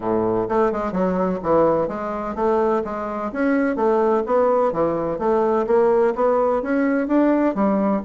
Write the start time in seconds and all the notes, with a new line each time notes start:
0.00 A2
0.48 A3
0.72 G#3
0.91 F#3
1.42 E3
1.88 G#3
2.35 A3
2.84 G#3
3.32 C#4
3.76 A3
4.26 B3
4.72 E3
5.18 A3
5.66 A#3
6.15 B3
6.62 C#4
7.07 D4
7.54 G3